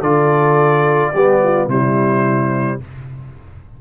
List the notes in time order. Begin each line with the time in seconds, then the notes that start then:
0.00 D3 F4 A4 D5
1.14 G3 B3 G4
1.43 F4
1.67 C3 G3 E4 C5